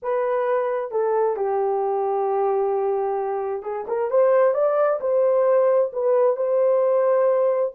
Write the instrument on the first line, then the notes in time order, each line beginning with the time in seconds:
horn
0.02 B4
0.91 A4
1.36 G4
3.62 G#4
3.87 A#4
4.10 C5
4.54 D5
5.00 C5
5.92 B4
6.36 C5